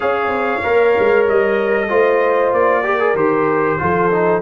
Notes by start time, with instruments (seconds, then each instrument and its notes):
0.00 tuba C#4, trombone G#4, horn C#5, trumpet F5
0.28 tuba C4
0.63 tuba A#3, trombone A#4
0.99 tuba G#3
1.27 tuba G3, trumpet D#5
1.88 tuba A3, trombone F4, horn C5
2.52 tuba A#3, trumpet D5
2.83 trombone G4, horn A#4
2.99 trombone G#4
3.14 tuba D#3, trombone G4, trumpet C5
3.78 tuba F3, trombone F4, horn A4
4.11 trombone D#4